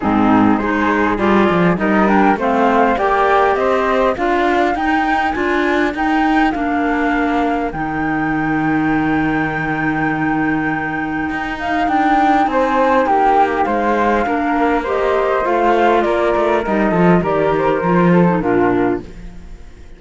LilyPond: <<
  \new Staff \with { instrumentName = "flute" } { \time 4/4 \tempo 4 = 101 gis'4 c''4 d''4 dis''8 g''8 | f''4 g''4 dis''4 f''4 | g''4 gis''4 g''4 f''4~ | f''4 g''2.~ |
g''2.~ g''8 f''8 | g''4 gis''4 g''4 f''4~ | f''4 dis''4 f''4 d''4 | dis''4 d''8 c''4. ais'4 | }
  \new Staff \with { instrumentName = "flute" } { \time 4/4 dis'4 gis'2 ais'4 | c''4 d''4 c''4 ais'4~ | ais'1~ | ais'1~ |
ais'1~ | ais'4 c''4 g'4 c''4 | ais'4 c''2 ais'4~ | ais'8 a'8 ais'4. a'8 f'4 | }
  \new Staff \with { instrumentName = "clarinet" } { \time 4/4 c'4 dis'4 f'4 dis'8 d'8 | c'4 g'2 f'4 | dis'4 f'4 dis'4 d'4~ | d'4 dis'2.~ |
dis'1~ | dis'1 | d'4 g'4 f'2 | dis'8 f'8 g'4 f'8. dis'16 d'4 | }
  \new Staff \with { instrumentName = "cello" } { \time 4/4 gis,4 gis4 g8 f8 g4 | a4 ais4 c'4 d'4 | dis'4 d'4 dis'4 ais4~ | ais4 dis2.~ |
dis2. dis'4 | d'4 c'4 ais4 gis4 | ais2 a4 ais8 a8 | g8 f8 dis4 f4 ais,4 | }
>>